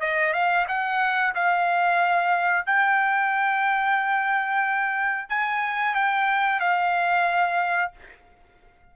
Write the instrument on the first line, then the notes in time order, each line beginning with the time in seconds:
trumpet
0.00 D#5
0.33 F5
0.68 F#5
1.35 F5
2.66 G5
5.29 G#5
5.95 G5
6.60 F5